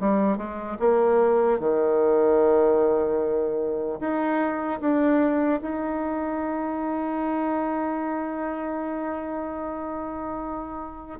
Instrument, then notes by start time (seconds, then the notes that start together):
bassoon
0.00 G3
0.38 G#3
0.80 A#3
1.60 D#3
4.00 D#4
4.81 D4
5.61 D#4